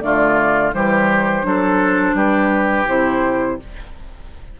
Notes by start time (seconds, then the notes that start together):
0.00 D3 A3 F4 D5
0.72 E3 G3 G4 C5
1.43 F#3 D4 A4
2.13 G3 G4 B4
2.87 C3 E4 C5